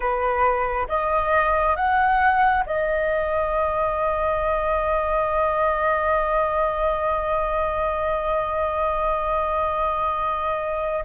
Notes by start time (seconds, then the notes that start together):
0.00 B4
0.88 D#5
1.76 F#5
2.66 D#5